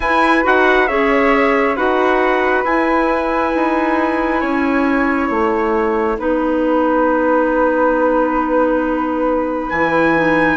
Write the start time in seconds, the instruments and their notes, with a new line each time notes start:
0.00 bassoon E4, clarinet E4, flute B4, trumpet G#5
0.43 bassoon D#4, clarinet F#4, trumpet F#5
0.87 bassoon C#4, clarinet G#4, flute C#5, trumpet E5
1.76 bassoon D#4, clarinet F#4, flute B4, trumpet F#5
2.64 bassoon E4, clarinet E4, trumpet G#5
3.54 bassoon D#4
4.40 bassoon C#4, flute C#5
5.29 bassoon A3, trumpet F#5
6.17 bassoon B3, clarinet D#4, flute B4
9.69 bassoon E3, clarinet E4, trumpet G#5
10.16 clarinet D#4